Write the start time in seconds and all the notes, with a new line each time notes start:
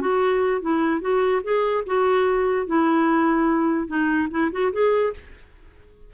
0.00 F#4
0.61 E4
1.01 F#4
1.43 G#4
1.86 F#4
2.66 E4
3.87 D#4
4.30 E4
4.51 F#4
4.72 G#4